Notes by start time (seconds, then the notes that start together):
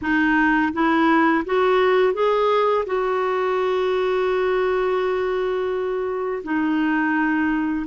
0.01 D#4
0.73 E4
1.44 F#4
2.13 G#4
2.85 F#4
6.43 D#4